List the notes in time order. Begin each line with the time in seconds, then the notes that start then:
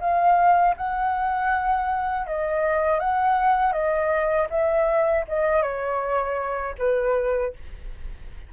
0.00 F5
0.77 F#5
2.27 D#5
3.00 F#5
3.72 D#5
4.50 E5
5.28 D#5
5.62 C#5
6.78 B4